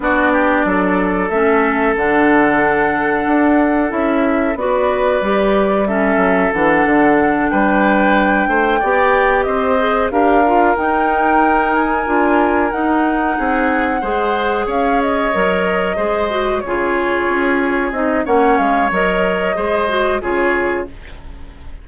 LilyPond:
<<
  \new Staff \with { instrumentName = "flute" } { \time 4/4 \tempo 4 = 92 d''2 e''4 fis''4~ | fis''2 e''4 d''4~ | d''4 e''4 fis''4. g''8~ | g''2~ g''8 dis''4 f''8~ |
f''8 g''4. gis''4. fis''8~ | fis''2~ fis''8 f''8 dis''4~ | dis''4. cis''2 dis''8 | fis''8 f''8 dis''2 cis''4 | }
  \new Staff \with { instrumentName = "oboe" } { \time 4/4 fis'8 g'8 a'2.~ | a'2. b'4~ | b'4 a'2~ a'8 b'8~ | b'4 c''8 d''4 c''4 ais'8~ |
ais'1~ | ais'8 gis'4 c''4 cis''4.~ | cis''8 c''4 gis'2~ gis'8 | cis''2 c''4 gis'4 | }
  \new Staff \with { instrumentName = "clarinet" } { \time 4/4 d'2 cis'4 d'4~ | d'2 e'4 fis'4 | g'4 cis'4 d'2~ | d'4. g'4. gis'8 g'8 |
f'8 dis'2 f'4 dis'8~ | dis'4. gis'2 ais'8~ | ais'8 gis'8 fis'8 f'2 dis'8 | cis'4 ais'4 gis'8 fis'8 f'4 | }
  \new Staff \with { instrumentName = "bassoon" } { \time 4/4 b4 fis4 a4 d4~ | d4 d'4 cis'4 b4 | g4. fis8 e8 d4 g8~ | g4 a8 b4 c'4 d'8~ |
d'8 dis'2 d'4 dis'8~ | dis'8 c'4 gis4 cis'4 fis8~ | fis8 gis4 cis4 cis'4 c'8 | ais8 gis8 fis4 gis4 cis4 | }
>>